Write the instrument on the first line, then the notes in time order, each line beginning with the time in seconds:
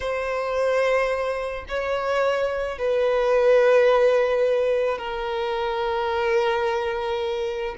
violin
0.00 C5
1.68 C#5
2.78 B4
4.97 A#4